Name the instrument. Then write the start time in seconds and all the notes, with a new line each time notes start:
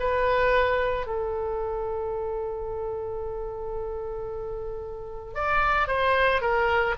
oboe
0.00 B4
1.07 A4
5.34 D5
5.88 C5
6.41 A#4